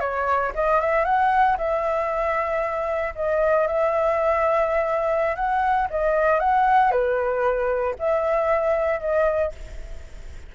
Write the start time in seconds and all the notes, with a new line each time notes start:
0.00 C#5
0.55 D#5
0.80 E5
1.05 F#5
1.58 E5
3.15 D#5
3.67 E5
5.36 F#5
5.90 D#5
6.40 F#5
6.91 B4
7.99 E5
9.00 D#5